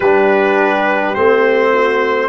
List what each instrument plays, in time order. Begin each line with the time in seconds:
0.00 tuba G3, trombone D4, horn G4, trumpet B4
1.14 tuba A3, trombone C4, trumpet C5
1.73 horn F#4